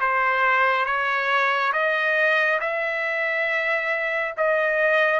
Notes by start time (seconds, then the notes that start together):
0.00 C5
0.85 C#5
1.72 D#5
2.60 E5
4.37 D#5